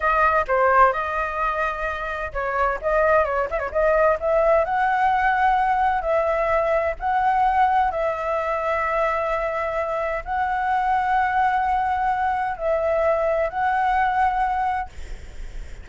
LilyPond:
\new Staff \with { instrumentName = "flute" } { \time 4/4 \tempo 4 = 129 dis''4 c''4 dis''2~ | dis''4 cis''4 dis''4 cis''8 e''16 cis''16 | dis''4 e''4 fis''2~ | fis''4 e''2 fis''4~ |
fis''4 e''2.~ | e''2 fis''2~ | fis''2. e''4~ | e''4 fis''2. | }